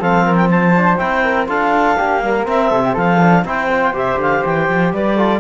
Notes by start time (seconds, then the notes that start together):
0.00 F3 C4 A4 F5
0.25 A#4
0.36 G5
0.51 C5 A5
0.75 D4
0.97 C4 E4 G5
1.24 A#4
1.47 D4 F4 A4 F5
1.98 A#3 D4 G4
2.22 G3 A#4
2.44 C4 E5
2.70 C3 A4
2.85 G4
2.93 F3 A4 F5
3.22 D4
3.45 C4 E4 C5 G5
3.71 F4
3.94 C3 G4 E5
4.18 D3 F5
4.45 E3 G5
4.69 F3
4.93 G3 B4 D5
5.16 F4 A4